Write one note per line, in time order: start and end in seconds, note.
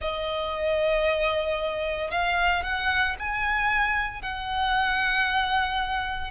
0.01 2.11 D#5
2.11 2.63 F5
2.63 3.16 F#5
3.19 4.22 G#5
4.22 6.31 F#5